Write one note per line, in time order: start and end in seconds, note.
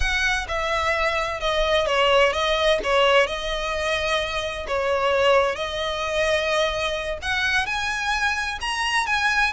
0.00 0.47 F#5
0.48 1.40 E5
1.40 1.86 D#5
1.86 2.33 C#5
2.33 2.79 D#5
2.83 3.26 C#5
3.26 4.66 D#5
4.67 5.55 C#5
5.55 7.18 D#5
7.22 7.66 F#5
7.66 8.59 G#5
8.60 9.06 A#5
9.06 9.52 G#5